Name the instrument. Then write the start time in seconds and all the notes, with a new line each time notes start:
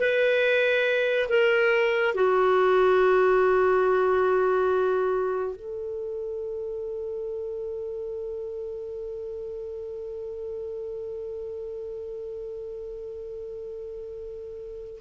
clarinet
0.00 B4
1.29 A#4
2.15 F#4
5.56 A4